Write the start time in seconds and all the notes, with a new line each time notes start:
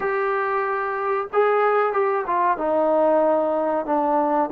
0.00 G4
1.33 G#4
1.92 G4
2.26 F4
2.57 D#4
3.85 D4